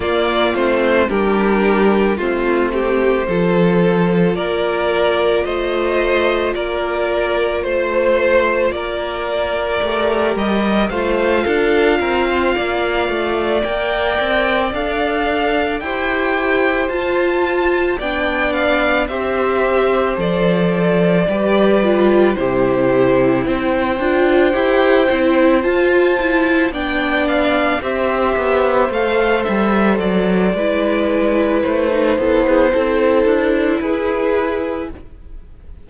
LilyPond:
<<
  \new Staff \with { instrumentName = "violin" } { \time 4/4 \tempo 4 = 55 d''8 c''8 ais'4 c''2 | d''4 dis''4 d''4 c''4 | d''4. dis''8 f''2~ | f''8 g''4 f''4 g''4 a''8~ |
a''8 g''8 f''8 e''4 d''4.~ | d''8 c''4 g''2 a''8~ | a''8 g''8 f''8 e''4 f''8 e''8 d''8~ | d''4 c''2 b'4 | }
  \new Staff \with { instrumentName = "violin" } { \time 4/4 f'4 g'4 f'8 g'8 a'4 | ais'4 c''4 ais'4 c''4 | ais'2 c''8 a'8 ais'16 c''16 d''8~ | d''2~ d''8 c''4.~ |
c''8 d''4 c''2 b'8~ | b'8 g'4 c''2~ c''8~ | c''8 d''4 c''2~ c''8 | b'4. a'16 gis'16 a'4 gis'4 | }
  \new Staff \with { instrumentName = "viola" } { \time 4/4 ais8 c'8 d'4 c'4 f'4~ | f'1~ | f'4 g'4 f'2~ | f'8 ais'4 a'4 g'4 f'8~ |
f'8 d'4 g'4 a'4 g'8 | f'8 e'4. f'8 g'8 e'8 f'8 | e'8 d'4 g'4 a'4. | e'4~ e'16 dis'16 e8 e'2 | }
  \new Staff \with { instrumentName = "cello" } { \time 4/4 ais8 a8 g4 a4 f4 | ais4 a4 ais4 a4 | ais4 a8 g8 a8 d'8 c'8 ais8 | a8 ais8 c'8 d'4 e'4 f'8~ |
f'8 b4 c'4 f4 g8~ | g8 c4 c'8 d'8 e'8 c'8 f'8~ | f'8 b4 c'8 b8 a8 g8 fis8 | gis4 a8 b8 c'8 d'8 e'4 | }
>>